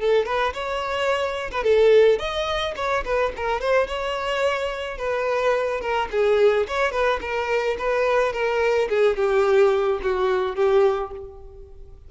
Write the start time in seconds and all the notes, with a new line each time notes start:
0.00 A4
0.26 B4
0.54 C#5
1.51 B4
1.64 A4
2.19 D#5
2.76 C#5
3.05 B4
3.37 A#4
3.61 C5
3.87 C#5
4.98 B4
5.81 A#4
6.12 G#4
6.68 C#5
6.92 B4
7.21 A#4
7.79 B4
8.33 A#4
8.89 G#4
9.17 G4
10.03 F#4
10.56 G4